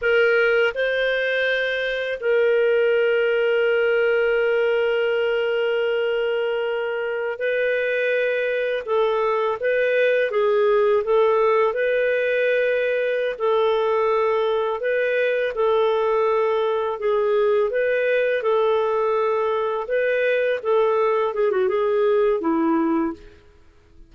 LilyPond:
\new Staff \with { instrumentName = "clarinet" } { \time 4/4 \tempo 4 = 83 ais'4 c''2 ais'4~ | ais'1~ | ais'2~ ais'16 b'4.~ b'16~ | b'16 a'4 b'4 gis'4 a'8.~ |
a'16 b'2~ b'16 a'4.~ | a'8 b'4 a'2 gis'8~ | gis'8 b'4 a'2 b'8~ | b'8 a'4 gis'16 fis'16 gis'4 e'4 | }